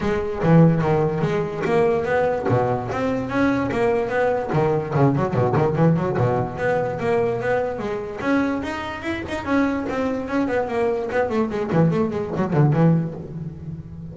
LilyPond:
\new Staff \with { instrumentName = "double bass" } { \time 4/4 \tempo 4 = 146 gis4 e4 dis4 gis4 | ais4 b4 b,4 c'4 | cis'4 ais4 b4 dis4 | cis8 fis8 b,8 dis8 e8 fis8 b,4 |
b4 ais4 b4 gis4 | cis'4 dis'4 e'8 dis'8 cis'4 | c'4 cis'8 b8 ais4 b8 a8 | gis8 e8 a8 gis8 fis8 d8 e4 | }